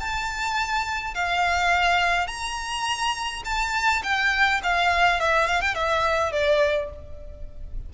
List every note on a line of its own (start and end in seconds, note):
0.00 1.14 A5
1.14 2.27 F5
2.27 3.43 A#5
3.45 4.02 A5
4.03 4.61 G5
4.63 5.20 F5
5.20 5.47 E5
5.47 5.61 F5
5.61 5.75 G5
5.75 6.32 E5
6.32 6.90 D5